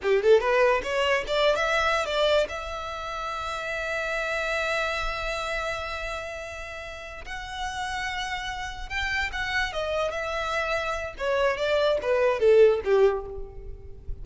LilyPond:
\new Staff \with { instrumentName = "violin" } { \time 4/4 \tempo 4 = 145 g'8 a'8 b'4 cis''4 d''8. e''16~ | e''4 d''4 e''2~ | e''1~ | e''1~ |
e''4. fis''2~ fis''8~ | fis''4. g''4 fis''4 dis''8~ | dis''8 e''2~ e''8 cis''4 | d''4 b'4 a'4 g'4 | }